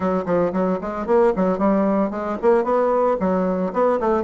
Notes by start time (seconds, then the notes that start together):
0.00 F#3
0.25 F3
0.52 F#3
0.81 G#3
1.06 A#3
1.36 F#3
1.58 G3
2.10 G#3
2.42 A#3
2.64 B3
3.20 F#3
3.73 B3
4.00 A3